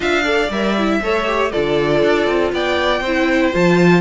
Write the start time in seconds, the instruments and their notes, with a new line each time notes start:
0.00 cello D4, viola F4, violin E5 F5
0.23 viola A4, violin D5
0.49 cello G3, viola A#4, violin E5
0.77 viola E4
1.01 cello A3, viola A4, violin C#5
1.25 viola G4
1.51 cello D3, viola F4, violin A4 D5
2.02 cello D4
2.26 cello C4
2.52 cello B3, violin D5 G5
3.01 cello C4, viola E4, violin C5
3.52 cello F3, viola F4, violin A5